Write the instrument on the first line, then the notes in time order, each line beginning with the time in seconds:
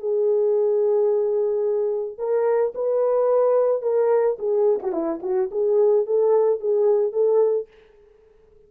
horn
0.00 G#4
2.18 A#4
2.75 B4
3.83 A#4
4.39 G#4
4.83 F#4
4.93 E4
5.23 F#4
5.52 G#4
6.07 A4
6.60 G#4
7.13 A4